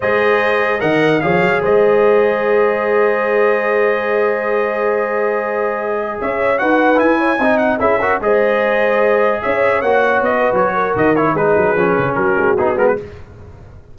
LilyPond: <<
  \new Staff \with { instrumentName = "trumpet" } { \time 4/4 \tempo 4 = 148 dis''2 fis''4 f''4 | dis''1~ | dis''1~ | dis''2.~ dis''16 e''8.~ |
e''16 fis''4 gis''4. fis''8 e''8.~ | e''16 dis''2. e''8.~ | e''16 fis''4 dis''8. cis''4 dis''8 cis''8 | b'2 ais'4 gis'8 ais'16 b'16 | }
  \new Staff \with { instrumentName = "horn" } { \time 4/4 c''2 dis''4 cis''4 | c''1~ | c''1~ | c''2.~ c''16 cis''8.~ |
cis''16 b'4. cis''8 dis''4 gis'8 ais'16~ | ais'16 c''2. cis''8.~ | cis''4. b'4 ais'4. | gis'2 fis'2 | }
  \new Staff \with { instrumentName = "trombone" } { \time 4/4 gis'2 ais'4 gis'4~ | gis'1~ | gis'1~ | gis'1~ |
gis'16 fis'4 e'4 dis'4 e'8 fis'16~ | fis'16 gis'2.~ gis'8.~ | gis'16 fis'2.~ fis'16 e'8 | dis'4 cis'2 dis'8 b8 | }
  \new Staff \with { instrumentName = "tuba" } { \time 4/4 gis2 dis4 f8 fis8 | gis1~ | gis1~ | gis2.~ gis16 cis'8.~ |
cis'16 dis'4 e'4 c'4 cis'8.~ | cis'16 gis2. cis'8.~ | cis'16 ais4 b8. fis4 dis4 | gis8 fis8 f8 cis8 fis8 gis8 b8 gis8 | }
>>